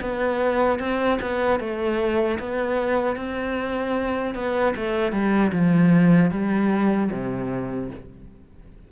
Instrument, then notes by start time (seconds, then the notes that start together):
cello
0.00 B3
0.79 C4
1.21 B3
1.60 A3
2.39 B3
3.16 C4
4.34 B3
4.76 A3
5.12 G3
5.52 F3
6.31 G3
7.11 C3